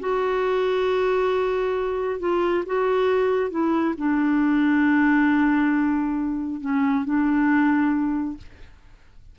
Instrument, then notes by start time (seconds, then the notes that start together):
clarinet
0.00 F#4
2.20 F4
2.66 F#4
3.51 E4
3.97 D4
6.61 C#4
7.05 D4